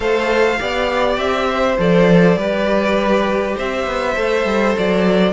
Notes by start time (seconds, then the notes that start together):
0.00 A3 A4 C5 F5
0.59 B3 G4 D5
1.17 C4 E5
1.49 C5
1.78 F3 A4 D5
2.36 G3 G4 B4
3.56 C4 C5 E5
3.86 B3
4.15 A3 A4
4.45 G3
4.77 F#3 D5